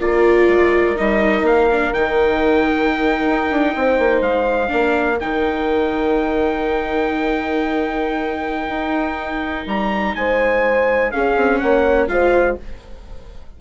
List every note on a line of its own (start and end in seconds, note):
0.00 0.48 A#3
0.00 0.96 F4
0.00 3.75 A#4
0.00 0.98 D5
0.48 0.96 G#3
0.96 1.42 G3
0.96 1.68 D#4
0.96 1.46 D#5
1.42 1.90 A#3
1.42 1.93 F5
1.71 1.93 D4
1.93 3.26 D#3
1.93 4.68 D#4
1.93 4.22 G5
3.26 3.50 D#4
3.50 3.75 D4
3.75 3.99 C4
3.75 4.73 C5
3.99 4.21 A#3
4.21 4.69 G#3
4.21 5.19 F5
4.68 5.21 A#3
4.68 5.16 D4
4.68 10.17 A#4
5.20 8.68 D#3
5.20 11.12 D#4
5.20 9.67 G5
8.68 9.65 D#4
9.66 10.14 G3
9.66 10.15 A#5
10.15 11.12 G#3
10.15 11.13 C5
10.15 11.11 G#5
11.11 12.08 C#4
11.11 11.36 C#4
11.11 11.62 G#4
11.11 11.58 F5
11.36 11.60 C4
11.58 12.08 A#3
11.58 12.11 C#5
11.58 12.07 F#5
12.08 12.57 G#3
12.08 12.56 F4
12.08 12.60 C5
12.08 12.56 F5